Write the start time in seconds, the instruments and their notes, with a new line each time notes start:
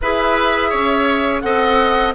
0.01 bassoon E4, clarinet G#4, oboe B4, flute E5
0.70 bassoon C#4, oboe C#5
1.40 bassoon C4, clarinet A4, oboe D#5, flute F#5